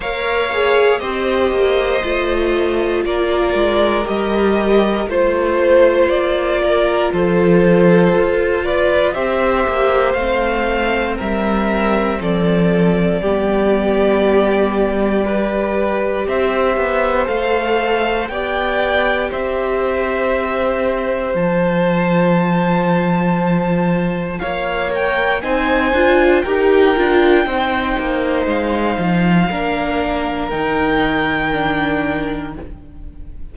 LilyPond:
<<
  \new Staff \with { instrumentName = "violin" } { \time 4/4 \tempo 4 = 59 f''4 dis''2 d''4 | dis''4 c''4 d''4 c''4~ | c''8 d''8 e''4 f''4 e''4 | d''1 |
e''4 f''4 g''4 e''4~ | e''4 a''2. | f''8 g''8 gis''4 g''2 | f''2 g''2 | }
  \new Staff \with { instrumentName = "violin" } { \time 4/4 cis''4 c''2 ais'4~ | ais'4 c''4. ais'8 a'4~ | a'8 b'8 c''2 ais'4 | a'4 g'2 b'4 |
c''2 d''4 c''4~ | c''1 | cis''4 c''4 ais'4 c''4~ | c''4 ais'2. | }
  \new Staff \with { instrumentName = "viola" } { \time 4/4 ais'8 gis'8 g'4 f'2 | g'4 f'2.~ | f'4 g'4 c'2~ | c'4 b2 g'4~ |
g'4 a'4 g'2~ | g'4 f'2.~ | f'8 ais'8 dis'8 f'8 g'8 f'8 dis'4~ | dis'4 d'4 dis'4 d'4 | }
  \new Staff \with { instrumentName = "cello" } { \time 4/4 ais4 c'8 ais8 a4 ais8 gis8 | g4 a4 ais4 f4 | f'4 c'8 ais8 a4 g4 | f4 g2. |
c'8 b8 a4 b4 c'4~ | c'4 f2. | ais4 c'8 d'8 dis'8 d'8 c'8 ais8 | gis8 f8 ais4 dis2 | }
>>